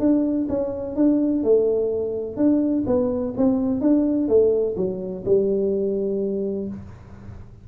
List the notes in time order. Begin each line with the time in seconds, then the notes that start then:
0.00 D4
0.49 C#4
0.96 D4
1.43 A3
2.37 D4
2.87 B3
3.37 C4
3.81 D4
4.28 A3
4.77 F#3
5.26 G3